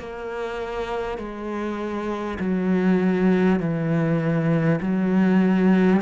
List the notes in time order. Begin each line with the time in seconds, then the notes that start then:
0.00 A#3
1.18 G#3
2.40 F#3
3.59 E3
4.82 F#3